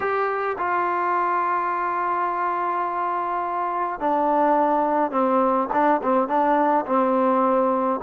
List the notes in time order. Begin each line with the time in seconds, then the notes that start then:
0.00 G4
0.58 F4
4.00 D4
5.11 C4
5.72 D4
6.02 C4
6.28 D4
6.86 C4